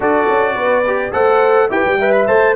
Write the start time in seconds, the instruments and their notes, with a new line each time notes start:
0.00 tuba D4, trombone F#4, horn A4, trumpet D5
0.28 tuba C#4
0.54 tuba B3, horn B4
0.87 trombone G4
1.12 tuba A3, trombone A4, horn C5, trumpet F#5
1.69 tuba E4, trombone G4, horn B4, trumpet G5
1.85 tuba G3
1.98 trombone B4, horn E5
2.11 trumpet B5
2.27 tuba A3, trombone C5, trumpet A5